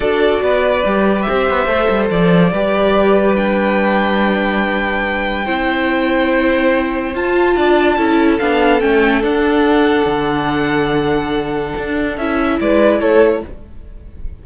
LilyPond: <<
  \new Staff \with { instrumentName = "violin" } { \time 4/4 \tempo 4 = 143 d''2. e''4~ | e''4 d''2. | g''1~ | g''1~ |
g''4 a''2. | f''4 g''4 fis''2~ | fis''1~ | fis''4 e''4 d''4 cis''4 | }
  \new Staff \with { instrumentName = "violin" } { \time 4/4 a'4 b'2 c''4~ | c''2 b'2~ | b'1~ | b'4 c''2.~ |
c''2 d''4 a'4~ | a'1~ | a'1~ | a'2 b'4 a'4 | }
  \new Staff \with { instrumentName = "viola" } { \time 4/4 fis'2 g'2 | a'2 g'2 | d'1~ | d'4 e'2.~ |
e'4 f'2 e'4 | d'4 cis'4 d'2~ | d'1~ | d'4 e'2. | }
  \new Staff \with { instrumentName = "cello" } { \time 4/4 d'4 b4 g4 c'8 b8 | a8 g8 f4 g2~ | g1~ | g4 c'2.~ |
c'4 f'4 d'4 cis'4 | b4 a4 d'2 | d1 | d'4 cis'4 gis4 a4 | }
>>